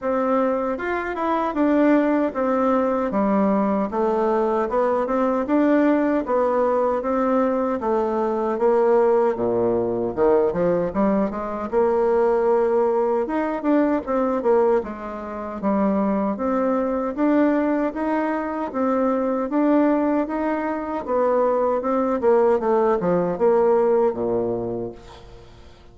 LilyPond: \new Staff \with { instrumentName = "bassoon" } { \time 4/4 \tempo 4 = 77 c'4 f'8 e'8 d'4 c'4 | g4 a4 b8 c'8 d'4 | b4 c'4 a4 ais4 | ais,4 dis8 f8 g8 gis8 ais4~ |
ais4 dis'8 d'8 c'8 ais8 gis4 | g4 c'4 d'4 dis'4 | c'4 d'4 dis'4 b4 | c'8 ais8 a8 f8 ais4 ais,4 | }